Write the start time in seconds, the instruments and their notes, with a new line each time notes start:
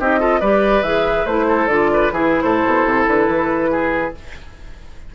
0.00 bassoon C4, clarinet D#4, oboe G4, flute D#5
0.20 clarinet F4, oboe A4
0.40 bassoon G3, clarinet G4, oboe B4, flute D5
0.83 bassoon E3, clarinet G#4, flute E5
1.26 bassoon A3, clarinet E4, flute C5
1.48 oboe A4
1.68 bassoon D3, clarinet F4, flute D5
1.94 oboe B4
2.11 bassoon E3, clarinet E4, oboe G#4, flute B4
2.42 bassoon A2, oboe A4, flute C5
2.67 bassoon B2
2.86 bassoon C3
3.08 bassoon D3, flute B4
3.28 bassoon E3
3.71 oboe G#4